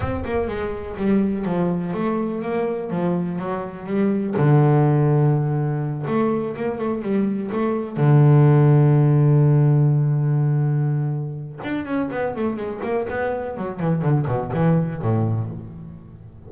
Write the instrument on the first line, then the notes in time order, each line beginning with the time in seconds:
double bass
0.00 C4
0.24 A#3
0.47 G#3
0.96 G3
1.45 F3
1.93 A3
2.41 A#3
2.90 F3
3.38 F#3
3.86 G3
4.36 D3
6.07 A3
6.56 A#3
6.78 A3
7.02 G3
7.51 A3
7.96 D3
11.63 D4
11.85 C#4
12.11 B3
12.35 A3
12.56 G#3
12.83 A#3
13.09 B3
13.57 F#3
13.79 E3
14.01 D3
14.27 B2
14.53 E3
15.02 A2